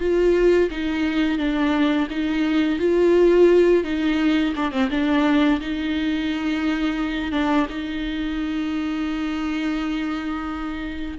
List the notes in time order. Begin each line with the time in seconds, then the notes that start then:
0.00 F4
0.71 D#4
1.39 D4
2.11 D#4
2.80 F4
3.84 D#4
4.56 D4
4.72 C4
4.91 D4
5.61 D#4
7.32 D4
7.70 D#4